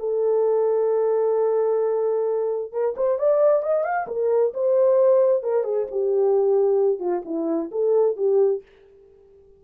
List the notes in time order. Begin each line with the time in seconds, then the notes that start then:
0.00 A4
2.73 A#4
2.97 C5
3.19 D5
3.63 D#5
3.85 F5
4.08 A#4
4.55 C5
5.44 A#4
5.64 G#4
5.91 G4
7.00 F4
7.25 E4
7.72 A4
8.17 G4